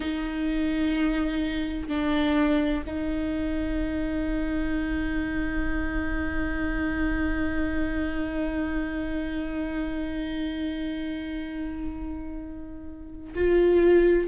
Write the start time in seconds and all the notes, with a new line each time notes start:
0.00 D#4
1.88 D4
2.86 D#4
13.34 F4